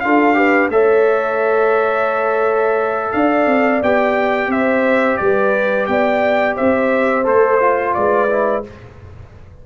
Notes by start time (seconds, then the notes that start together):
0.00 D4 F4 A4 F5
0.34 G4 B4
0.69 A3 A4 C#5 E5
3.12 D4 D5 F5
3.46 C4
3.82 B3 G4 G5
4.47 C4 C5 E5
5.17 G3 B4 D5
5.86 B3 D5 G5
6.55 C4 C5 E5
7.24 A3 A4 C5
7.60 F4
7.94 G#3 B4 D5
8.29 E4